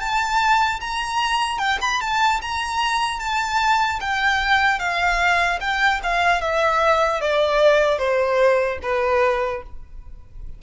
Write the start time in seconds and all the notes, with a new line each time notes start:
0.00 A5
0.80 A#5
1.59 G5
1.81 B5
2.01 A5
2.41 A#5
3.19 A5
4.00 G5
4.79 F5
5.60 G5
6.03 F5
6.41 E5
7.21 D5
7.99 C5
8.83 B4